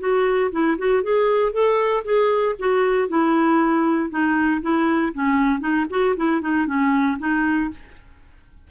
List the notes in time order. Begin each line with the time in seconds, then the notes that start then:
0.00 F#4
0.52 E4
0.79 F#4
1.03 G#4
1.53 A4
2.05 G#4
2.59 F#4
3.09 E4
4.10 D#4
4.62 E4
5.14 C#4
5.61 D#4
5.90 F#4
6.17 E4
6.42 D#4
6.67 C#4
7.20 D#4